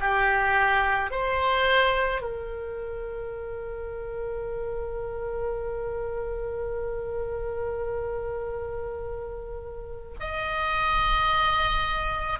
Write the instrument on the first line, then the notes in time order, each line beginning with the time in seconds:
oboe
0.00 G4
1.11 C5
2.22 A#4
10.20 D#5